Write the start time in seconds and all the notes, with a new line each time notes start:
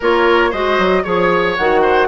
0.00 A#3 F4 A#4 C#5
0.50 G#3 F#4 C5 D#5
0.78 F#3
1.03 F3 G#4 C#5
1.56 D#3 F#4 F#5
1.81 C5